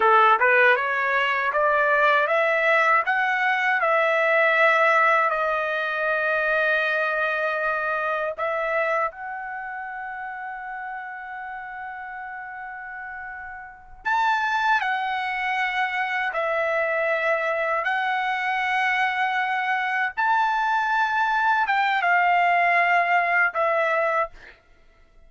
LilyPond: \new Staff \with { instrumentName = "trumpet" } { \time 4/4 \tempo 4 = 79 a'8 b'8 cis''4 d''4 e''4 | fis''4 e''2 dis''4~ | dis''2. e''4 | fis''1~ |
fis''2~ fis''8 a''4 fis''8~ | fis''4. e''2 fis''8~ | fis''2~ fis''8 a''4.~ | a''8 g''8 f''2 e''4 | }